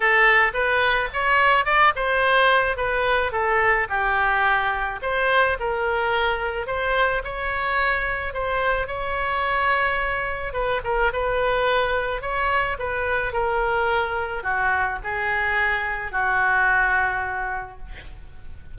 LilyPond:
\new Staff \with { instrumentName = "oboe" } { \time 4/4 \tempo 4 = 108 a'4 b'4 cis''4 d''8 c''8~ | c''4 b'4 a'4 g'4~ | g'4 c''4 ais'2 | c''4 cis''2 c''4 |
cis''2. b'8 ais'8 | b'2 cis''4 b'4 | ais'2 fis'4 gis'4~ | gis'4 fis'2. | }